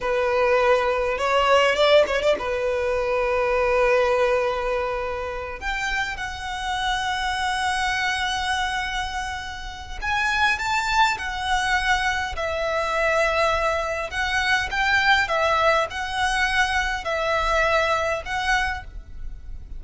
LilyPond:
\new Staff \with { instrumentName = "violin" } { \time 4/4 \tempo 4 = 102 b'2 cis''4 d''8 cis''16 d''16 | b'1~ | b'4. g''4 fis''4.~ | fis''1~ |
fis''4 gis''4 a''4 fis''4~ | fis''4 e''2. | fis''4 g''4 e''4 fis''4~ | fis''4 e''2 fis''4 | }